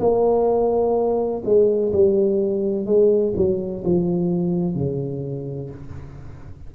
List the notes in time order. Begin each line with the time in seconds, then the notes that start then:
0.00 A#3
1.45 G#3
1.93 G3
2.86 G#3
3.36 F#3
3.85 F3
4.75 C#3